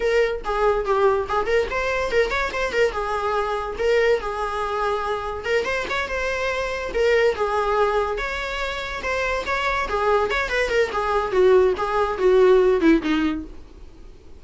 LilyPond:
\new Staff \with { instrumentName = "viola" } { \time 4/4 \tempo 4 = 143 ais'4 gis'4 g'4 gis'8 ais'8 | c''4 ais'8 cis''8 c''8 ais'8 gis'4~ | gis'4 ais'4 gis'2~ | gis'4 ais'8 c''8 cis''8 c''4.~ |
c''8 ais'4 gis'2 cis''8~ | cis''4. c''4 cis''4 gis'8~ | gis'8 cis''8 b'8 ais'8 gis'4 fis'4 | gis'4 fis'4. e'8 dis'4 | }